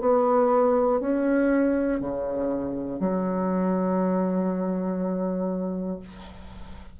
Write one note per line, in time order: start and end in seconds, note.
0.00 1.00 B3
1.00 2.00 C#4
2.00 3.00 C#3
3.00 6.00 F#3